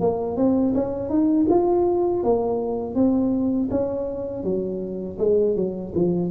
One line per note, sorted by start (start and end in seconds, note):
0.00 0.37 A#3
0.37 0.74 C4
0.74 1.09 C#4
1.09 1.46 D#4
1.49 2.23 F4
2.23 2.95 A#3
2.95 3.69 C4
3.70 4.43 C#4
4.43 5.18 F#3
5.19 5.56 G#3
5.56 5.93 F#3
5.94 6.31 F3